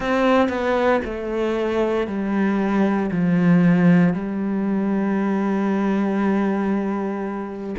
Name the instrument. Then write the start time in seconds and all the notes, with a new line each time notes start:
cello
0.00 C4
0.48 B3
1.04 A3
2.07 G3
3.11 F3
4.13 G3